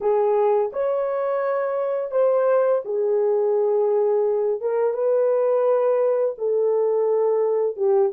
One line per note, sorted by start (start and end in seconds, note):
0.00 0.71 G#4
0.73 2.11 C#5
2.11 2.81 C5
2.85 4.61 G#4
4.61 4.93 A#4
4.93 6.35 B4
6.38 7.76 A4
7.76 8.11 G4